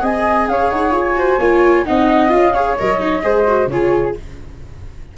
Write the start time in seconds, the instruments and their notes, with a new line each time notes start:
0.00 tuba C4, viola G#4, flute D#5 G#5
0.48 tuba C#4, flute C#5 F5
0.71 tuba D#4, flute F#5
0.91 tuba F4, flute G#5
1.16 viola F#4, flute C5
1.39 tuba A#3, viola F4, flute C#5
1.86 tuba C4, viola D#4, flute D#5 F#5
2.29 tuba C#4, viola F4, flute F5
2.54 viola G#4, flute C#5
2.79 tuba F#3, viola A#4, flute D#5
2.99 viola D#4
3.23 tuba G#3, viola G#4, flute C5
3.48 viola F#4
3.67 tuba C#3, viola F4, flute G#4 C#5